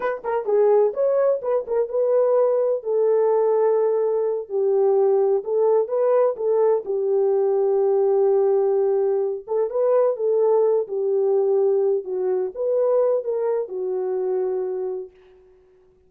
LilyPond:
\new Staff \with { instrumentName = "horn" } { \time 4/4 \tempo 4 = 127 b'8 ais'8 gis'4 cis''4 b'8 ais'8 | b'2 a'2~ | a'4. g'2 a'8~ | a'8 b'4 a'4 g'4.~ |
g'1 | a'8 b'4 a'4. g'4~ | g'4. fis'4 b'4. | ais'4 fis'2. | }